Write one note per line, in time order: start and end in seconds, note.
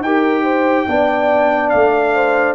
0.00 0.85 D#4
0.00 0.88 G4
0.00 0.43 A#4
0.00 1.69 G5
0.43 0.85 C5
0.87 1.72 B3
0.87 2.54 D4
0.87 2.14 D5
1.69 2.54 A3
1.69 2.54 F5
2.14 2.54 C5